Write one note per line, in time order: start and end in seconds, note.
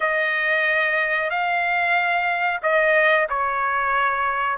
0.00 1.30 D#5
1.30 2.60 F5
2.62 3.27 D#5
3.29 4.57 C#5